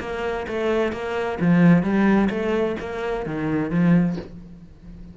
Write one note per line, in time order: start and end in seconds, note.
0.00 0.46 A#3
0.47 0.92 A3
0.92 1.38 A#3
1.40 1.83 F3
1.83 2.29 G3
2.30 2.76 A3
2.80 3.26 A#3
3.26 3.70 D#3
3.70 4.16 F3